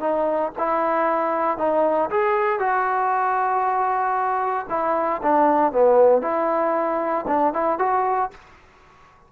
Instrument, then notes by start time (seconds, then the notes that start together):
trombone
0.00 D#4
0.58 E4
1.58 D#4
2.10 G#4
2.59 F#4
4.70 E4
5.23 D4
5.72 B3
6.22 E4
7.28 D4
7.53 E4
7.79 F#4